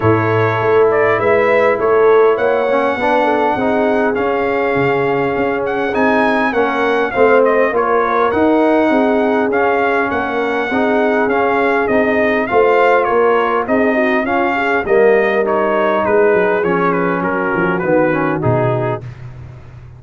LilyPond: <<
  \new Staff \with { instrumentName = "trumpet" } { \time 4/4 \tempo 4 = 101 cis''4. d''8 e''4 cis''4 | fis''2. f''4~ | f''4. fis''8 gis''4 fis''4 | f''8 dis''8 cis''4 fis''2 |
f''4 fis''2 f''4 | dis''4 f''4 cis''4 dis''4 | f''4 dis''4 cis''4 b'4 | cis''8 b'8 ais'4 b'4 gis'4 | }
  \new Staff \with { instrumentName = "horn" } { \time 4/4 a'2 b'4 a'4 | cis''4 b'8 a'8 gis'2~ | gis'2. ais'4 | c''4 ais'2 gis'4~ |
gis'4 ais'4 gis'2~ | gis'4 c''4 ais'4 gis'8 fis'8 | f'8 gis'8 ais'2 gis'4~ | gis'4 fis'2. | }
  \new Staff \with { instrumentName = "trombone" } { \time 4/4 e'1~ | e'8 cis'8 d'4 dis'4 cis'4~ | cis'2 dis'4 cis'4 | c'4 f'4 dis'2 |
cis'2 dis'4 cis'4 | dis'4 f'2 dis'4 | cis'4 ais4 dis'2 | cis'2 b8 cis'8 dis'4 | }
  \new Staff \with { instrumentName = "tuba" } { \time 4/4 a,4 a4 gis4 a4 | ais4 b4 c'4 cis'4 | cis4 cis'4 c'4 ais4 | a4 ais4 dis'4 c'4 |
cis'4 ais4 c'4 cis'4 | c'4 a4 ais4 c'4 | cis'4 g2 gis8 fis8 | f4 fis8 f8 dis4 b,4 | }
>>